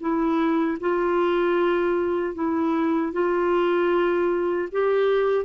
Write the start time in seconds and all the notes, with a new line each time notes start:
0.00 E4
0.80 F4
2.34 E4
3.13 F4
4.71 G4